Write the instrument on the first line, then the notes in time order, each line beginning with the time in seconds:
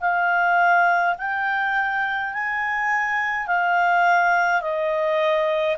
clarinet
0.00 F5
1.18 G5
2.33 G#5
3.47 F5
4.61 D#5